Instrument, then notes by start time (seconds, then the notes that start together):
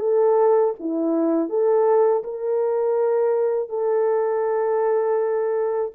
horn
0.00 A4
0.80 E4
1.49 A4
2.24 A#4
3.69 A4